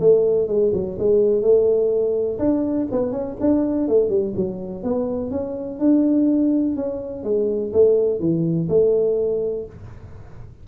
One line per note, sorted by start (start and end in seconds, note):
0.00 0.47 A3
0.47 0.71 G#3
0.73 0.97 F#3
0.99 1.42 G#3
1.42 2.38 A3
2.39 2.87 D4
2.91 3.12 B3
3.12 3.36 C#4
3.40 3.88 D4
3.88 4.09 A3
4.09 4.33 G3
4.36 4.83 F#3
4.83 5.31 B3
5.31 5.79 C#4
5.79 6.76 D4
6.76 7.23 C#4
7.23 7.72 G#3
7.73 8.19 A3
8.19 8.68 E3
8.69 9.65 A3